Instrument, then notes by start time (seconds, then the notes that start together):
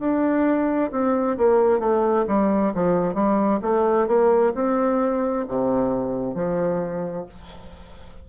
bassoon
0.00 D4
0.92 C4
1.38 A#3
1.80 A3
2.28 G3
2.75 F3
3.14 G3
3.62 A3
4.08 A#3
4.55 C4
5.48 C3
6.35 F3